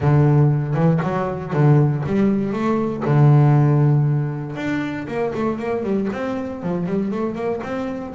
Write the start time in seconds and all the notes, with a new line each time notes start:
0.00 D3
0.74 E3
1.02 F#3
1.53 D3
2.05 G3
2.53 A3
3.04 D3
4.56 D4
5.07 A#3
5.34 A3
5.59 A#3
5.83 G3
6.12 C4
6.62 F3
6.86 G3
7.11 A3
7.35 A#3
7.63 C4